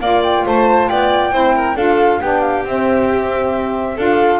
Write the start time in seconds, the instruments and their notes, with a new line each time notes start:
0.00 double bass A#3, saxophone F4, violin D5, flute F5
0.23 flute G5
0.45 double bass A3, violin C5, flute A5
0.88 double bass B3, violin D5, flute G5
1.31 double bass C4, saxophone E4, violin C5
1.55 violin A#4
1.76 double bass D4, saxophone F4, violin A4, flute F5
2.21 double bass B3, saxophone D4, violin G4, flute G5
2.41 flute F5
2.64 double bass C4, saxophone C4, flute E5
3.96 double bass D4, saxophone F4, violin A4, flute F5